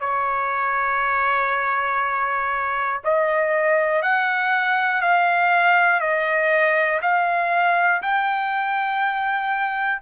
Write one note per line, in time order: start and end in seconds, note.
0.00 3.00 C#5
3.04 4.02 D#5
4.02 5.01 F#5
5.01 6.00 F5
6.00 7.00 D#5
7.01 8.01 F5
8.02 10.01 G5